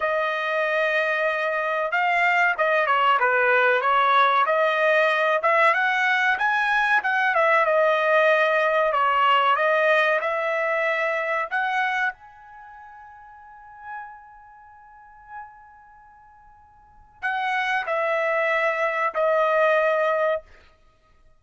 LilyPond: \new Staff \with { instrumentName = "trumpet" } { \time 4/4 \tempo 4 = 94 dis''2. f''4 | dis''8 cis''8 b'4 cis''4 dis''4~ | dis''8 e''8 fis''4 gis''4 fis''8 e''8 | dis''2 cis''4 dis''4 |
e''2 fis''4 gis''4~ | gis''1~ | gis''2. fis''4 | e''2 dis''2 | }